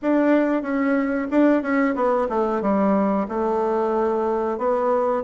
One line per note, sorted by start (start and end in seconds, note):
0.01 0.62 D4
0.62 1.27 C#4
1.30 1.62 D4
1.62 1.94 C#4
1.95 2.27 B3
2.29 2.61 A3
2.61 3.26 G3
3.28 4.57 A3
4.57 5.23 B3